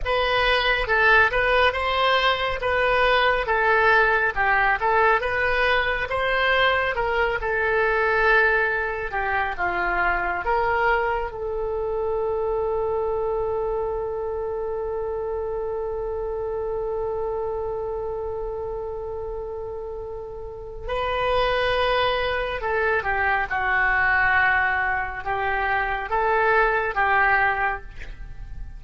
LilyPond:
\new Staff \with { instrumentName = "oboe" } { \time 4/4 \tempo 4 = 69 b'4 a'8 b'8 c''4 b'4 | a'4 g'8 a'8 b'4 c''4 | ais'8 a'2 g'8 f'4 | ais'4 a'2.~ |
a'1~ | a'1 | b'2 a'8 g'8 fis'4~ | fis'4 g'4 a'4 g'4 | }